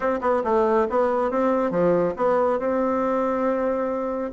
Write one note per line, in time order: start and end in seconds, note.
0.00 0.19 C4
0.21 0.42 B3
0.43 0.87 A3
0.89 1.31 B3
1.31 1.71 C4
1.71 2.14 F3
2.16 2.59 B3
2.59 4.32 C4